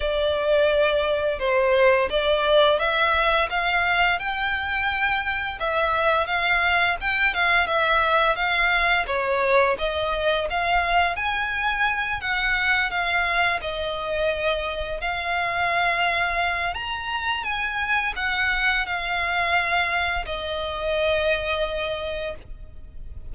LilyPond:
\new Staff \with { instrumentName = "violin" } { \time 4/4 \tempo 4 = 86 d''2 c''4 d''4 | e''4 f''4 g''2 | e''4 f''4 g''8 f''8 e''4 | f''4 cis''4 dis''4 f''4 |
gis''4. fis''4 f''4 dis''8~ | dis''4. f''2~ f''8 | ais''4 gis''4 fis''4 f''4~ | f''4 dis''2. | }